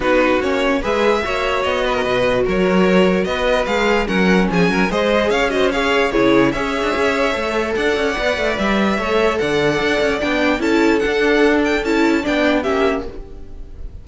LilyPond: <<
  \new Staff \with { instrumentName = "violin" } { \time 4/4 \tempo 4 = 147 b'4 cis''4 e''2 | dis''2 cis''2 | dis''4 f''4 fis''4 gis''4 | dis''4 f''8 dis''8 f''4 cis''4 |
e''2. fis''4~ | fis''4 e''2 fis''4~ | fis''4 g''4 a''4 fis''4~ | fis''8 g''8 a''4 g''4 e''4 | }
  \new Staff \with { instrumentName = "violin" } { \time 4/4 fis'2 b'4 cis''4~ | cis''8 b'16 ais'16 b'4 ais'2 | b'2 ais'4 gis'8 ais'8 | c''4 cis''8 c''8 cis''4 gis'4 |
cis''2. d''4~ | d''2 cis''4 d''4~ | d''2 a'2~ | a'2 d''4 g'4 | }
  \new Staff \with { instrumentName = "viola" } { \time 4/4 dis'4 cis'4 gis'4 fis'4~ | fis'1~ | fis'4 gis'4 cis'2 | gis'4. fis'8 gis'4 e'4 |
gis'2 a'2 | b'2 a'2~ | a'4 d'4 e'4 d'4~ | d'4 e'4 d'4 cis'4 | }
  \new Staff \with { instrumentName = "cello" } { \time 4/4 b4 ais4 gis4 ais4 | b4 b,4 fis2 | b4 gis4 fis4 f8 fis8 | gis4 cis'2 cis4 |
cis'8. d'16 cis'4 a4 d'8 cis'8 | b8 a8 g4 a4 d4 | d'8 cis'8 b4 cis'4 d'4~ | d'4 cis'4 b4 ais4 | }
>>